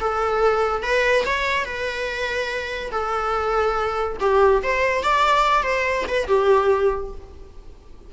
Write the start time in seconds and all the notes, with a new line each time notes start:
0.00 A4
0.82 B4
1.26 C#5
1.65 B4
2.91 A4
4.20 G4
4.63 C5
5.03 D5
5.63 C5
6.08 B4
6.27 G4